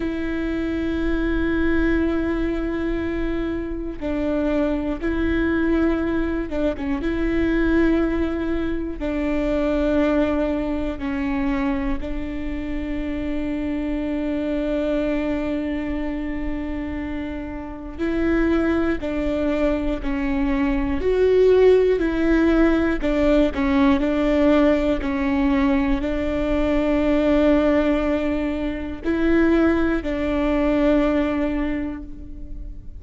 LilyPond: \new Staff \with { instrumentName = "viola" } { \time 4/4 \tempo 4 = 60 e'1 | d'4 e'4. d'16 cis'16 e'4~ | e'4 d'2 cis'4 | d'1~ |
d'2 e'4 d'4 | cis'4 fis'4 e'4 d'8 cis'8 | d'4 cis'4 d'2~ | d'4 e'4 d'2 | }